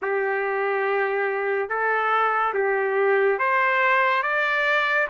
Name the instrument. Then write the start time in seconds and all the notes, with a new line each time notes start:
trumpet
0.02 G4
1.69 A4
2.54 G4
3.38 C5
4.23 D5